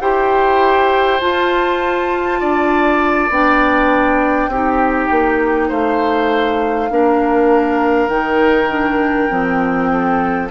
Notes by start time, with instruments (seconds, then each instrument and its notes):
0.00 bassoon E4, clarinet G4, oboe C5, flute G5
1.20 clarinet F4, bassoon F4, flute A5
2.40 bassoon D4, oboe D5
3.29 bassoon B3, clarinet D4, flute G5
4.48 bassoon C4, clarinet D#4, oboe G4
5.10 bassoon A#3
5.68 bassoon A3, oboe C5, flute F5
6.90 bassoon A#3, clarinet D4, oboe A#4
8.08 bassoon D#3, clarinet D#4, flute G5
8.69 clarinet D4
9.29 bassoon F3, clarinet C4
9.92 oboe A4